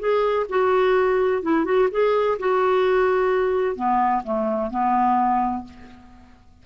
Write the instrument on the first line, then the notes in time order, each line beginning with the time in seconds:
clarinet
0.00 G#4
0.50 F#4
1.43 E4
1.65 F#4
1.92 G#4
2.40 F#4
3.76 B3
4.24 A3
4.71 B3